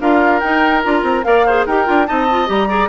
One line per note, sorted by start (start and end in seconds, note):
0.00 0.41 D4
0.00 0.41 F4
0.00 1.25 A#4
0.00 0.40 F5
0.40 0.84 D#4
0.40 0.83 D#4
0.40 0.81 G5
0.83 1.02 D4
0.83 1.23 F4
0.83 1.23 A#5
1.02 1.23 C4
1.23 1.66 A#3
1.23 1.44 A#4
1.23 1.46 D5
1.23 1.65 F5
1.46 1.68 G#4
1.46 1.66 C5
1.66 1.87 D#4
1.66 1.85 G4
1.66 2.07 A#4
1.66 2.06 G5
1.85 2.09 D4
1.85 2.06 F4
2.06 2.49 C4
2.06 2.26 D#4
2.06 2.68 D#5
2.06 2.47 A5
2.30 2.46 F4
2.46 2.88 G3
2.46 2.67 G4
2.46 2.88 A#5
2.68 2.88 G#4
2.68 2.88 D5